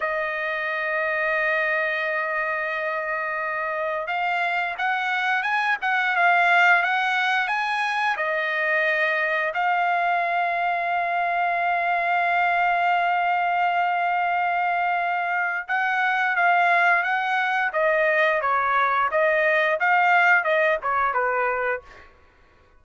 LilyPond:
\new Staff \with { instrumentName = "trumpet" } { \time 4/4 \tempo 4 = 88 dis''1~ | dis''2 f''4 fis''4 | gis''8 fis''8 f''4 fis''4 gis''4 | dis''2 f''2~ |
f''1~ | f''2. fis''4 | f''4 fis''4 dis''4 cis''4 | dis''4 f''4 dis''8 cis''8 b'4 | }